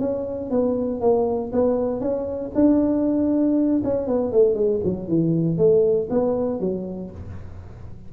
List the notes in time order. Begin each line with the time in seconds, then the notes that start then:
0.00 C#4
0.51 B3
1.01 A#3
1.53 B3
2.01 C#4
2.55 D4
3.84 C#4
4.07 B3
4.32 A3
4.55 G#3
4.84 F#3
5.08 E3
5.58 A3
6.10 B3
6.60 F#3